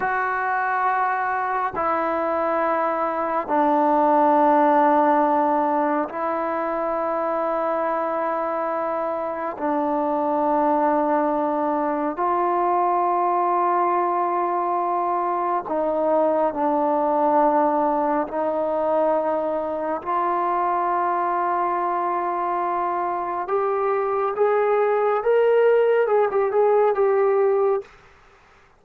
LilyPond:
\new Staff \with { instrumentName = "trombone" } { \time 4/4 \tempo 4 = 69 fis'2 e'2 | d'2. e'4~ | e'2. d'4~ | d'2 f'2~ |
f'2 dis'4 d'4~ | d'4 dis'2 f'4~ | f'2. g'4 | gis'4 ais'4 gis'16 g'16 gis'8 g'4 | }